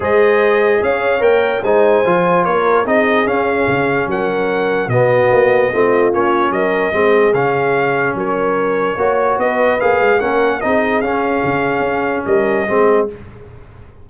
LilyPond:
<<
  \new Staff \with { instrumentName = "trumpet" } { \time 4/4 \tempo 4 = 147 dis''2 f''4 g''4 | gis''2 cis''4 dis''4 | f''2 fis''2 | dis''2. cis''4 |
dis''2 f''2 | cis''2. dis''4 | f''4 fis''4 dis''4 f''4~ | f''2 dis''2 | }
  \new Staff \with { instrumentName = "horn" } { \time 4/4 c''2 cis''2 | c''2 ais'4 gis'4~ | gis'2 ais'2 | fis'2 f'2 |
ais'4 gis'2. | ais'2 cis''4 b'4~ | b'4 ais'4 gis'2~ | gis'2 ais'4 gis'4 | }
  \new Staff \with { instrumentName = "trombone" } { \time 4/4 gis'2. ais'4 | dis'4 f'2 dis'4 | cis'1 | b2 c'4 cis'4~ |
cis'4 c'4 cis'2~ | cis'2 fis'2 | gis'4 cis'4 dis'4 cis'4~ | cis'2. c'4 | }
  \new Staff \with { instrumentName = "tuba" } { \time 4/4 gis2 cis'4 ais4 | gis4 f4 ais4 c'4 | cis'4 cis4 fis2 | b,4 ais4 a4 ais4 |
fis4 gis4 cis2 | fis2 ais4 b4 | ais8 gis8 ais4 c'4 cis'4 | cis4 cis'4 g4 gis4 | }
>>